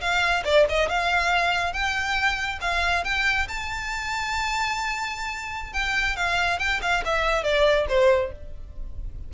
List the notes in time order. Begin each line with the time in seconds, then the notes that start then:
0.00 F5
0.44 D5
0.68 D#5
0.89 F5
1.72 G5
2.61 F5
3.04 G5
3.48 A5
5.73 G5
6.16 F5
6.59 G5
6.82 F5
7.05 E5
7.43 D5
7.88 C5